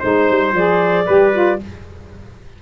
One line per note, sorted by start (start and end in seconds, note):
0.00 0.30 G#3
0.00 0.55 D#4
0.00 1.05 C5
0.00 0.53 C5
0.30 0.53 G3
0.53 1.06 F3
0.53 1.07 G#4
0.53 1.61 D5
1.06 1.62 G3
1.06 1.33 G4
1.06 1.59 B4
1.33 1.60 F4